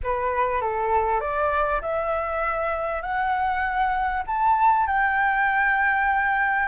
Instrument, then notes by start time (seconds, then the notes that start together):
flute
0.03 B4
0.61 A4
1.20 D5
1.81 E5
3.02 F#5
4.26 A5
4.87 G5